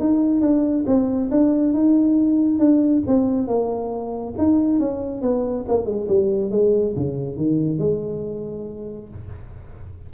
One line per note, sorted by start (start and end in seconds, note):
0.00 0.41 D#4
0.41 0.85 D4
0.87 1.30 C4
1.31 1.74 D4
1.74 2.59 D#4
2.59 3.03 D4
3.07 3.47 C4
3.47 4.34 A#3
4.38 4.80 D#4
4.80 5.22 C#4
5.22 5.66 B3
5.68 5.86 A#3
5.86 6.08 G#3
6.08 6.51 G3
6.51 6.95 G#3
6.96 7.37 C#3
7.37 7.79 D#3
7.79 9.09 G#3